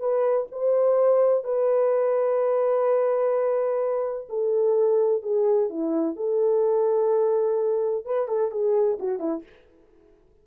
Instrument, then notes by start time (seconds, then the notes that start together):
horn
0.00 B4
0.52 C5
1.45 B4
4.30 A4
5.23 G#4
5.70 E4
6.17 A4
8.06 B4
8.28 A4
8.52 G#4
8.99 F#4
9.20 E4